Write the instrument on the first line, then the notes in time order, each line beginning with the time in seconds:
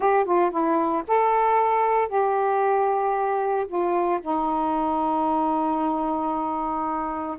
saxophone
0.00 G4
0.25 F4
0.50 E4
1.07 A4
2.08 G4
3.67 F4
4.21 D#4